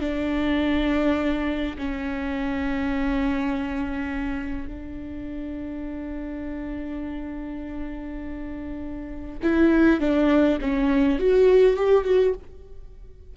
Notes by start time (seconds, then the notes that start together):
0.00 D4
1.78 C#4
4.67 D4
9.42 E4
10.00 D4
10.61 C#4
11.19 F#4
11.76 G4
12.04 F#4